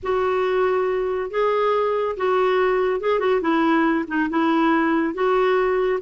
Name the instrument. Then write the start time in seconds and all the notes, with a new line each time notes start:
clarinet
0.02 F#4
1.30 G#4
2.16 F#4
3.00 G#4
3.19 F#4
3.41 E4
4.07 D#4
4.29 E4
5.14 F#4